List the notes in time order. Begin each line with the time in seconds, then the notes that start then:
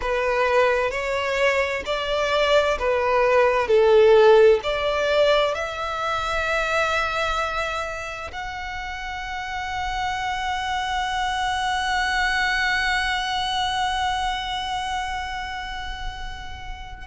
0.01 B4
0.90 C#5
1.85 D5
2.78 B4
3.67 A4
4.63 D5
5.54 E5
8.32 F#5